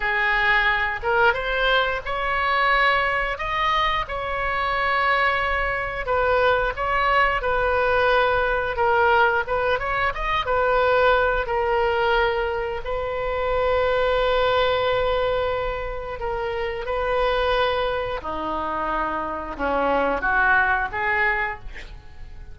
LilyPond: \new Staff \with { instrumentName = "oboe" } { \time 4/4 \tempo 4 = 89 gis'4. ais'8 c''4 cis''4~ | cis''4 dis''4 cis''2~ | cis''4 b'4 cis''4 b'4~ | b'4 ais'4 b'8 cis''8 dis''8 b'8~ |
b'4 ais'2 b'4~ | b'1 | ais'4 b'2 dis'4~ | dis'4 cis'4 fis'4 gis'4 | }